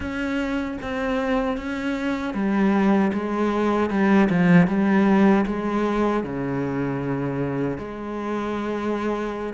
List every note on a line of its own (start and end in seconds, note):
0.00 0.78 C#4
0.81 1.57 C4
1.57 2.33 C#4
2.33 3.11 G3
3.13 3.90 G#3
3.90 4.29 G3
4.29 4.67 F3
4.67 5.45 G3
5.45 6.23 G#3
6.23 7.77 C#3
7.77 9.53 G#3